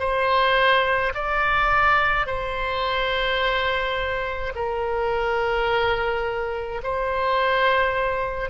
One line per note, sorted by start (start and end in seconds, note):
0.00 1.13 C5
1.14 2.26 D5
2.26 4.53 C5
4.55 6.82 A#4
6.83 8.50 C5